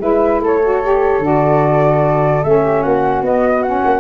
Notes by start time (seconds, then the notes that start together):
0.00 G#3 E4 B4 E5
0.41 A3 A4 C#5
0.63 F#4
0.83 G4
1.19 D3 F#4 D5
2.44 A3 C#4 E5
2.63 G4
2.82 A#3 F#4 F#5
3.22 B3 D#5
3.63 C#4 F#5
3.85 A#3